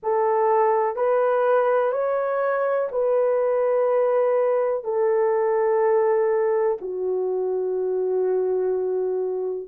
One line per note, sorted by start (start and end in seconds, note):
0.03 0.96 A4
0.96 1.92 B4
1.92 2.89 C#5
2.91 4.84 B4
4.84 6.77 A4
6.80 9.68 F#4